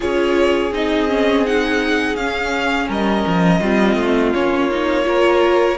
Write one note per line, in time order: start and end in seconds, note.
0.00 0.71 C#4
0.00 0.72 F4
0.00 2.88 G#4
0.00 0.73 C#5
0.71 2.15 C4
0.71 1.08 D#4
0.71 1.46 D#5
1.08 1.44 C#4
1.45 2.17 D#4
1.45 2.16 F#5
2.15 2.87 C#4
2.15 3.62 C#4
2.15 2.88 F5
2.88 3.24 G3
2.88 3.60 A#4
2.88 4.34 D#5
3.26 3.60 F3
3.60 3.95 G3
3.60 4.33 C4
3.60 5.05 F4
3.95 4.31 A3
4.33 5.77 A#3
4.33 4.70 C#4
4.33 5.77 C#5
4.70 5.03 D#4
5.03 5.76 F4
5.03 5.77 A#4